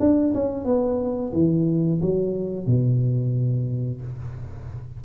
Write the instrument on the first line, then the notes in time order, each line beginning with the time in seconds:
tuba
0.00 D4
0.35 C#4
0.65 B3
1.33 E3
2.02 F#3
2.67 B2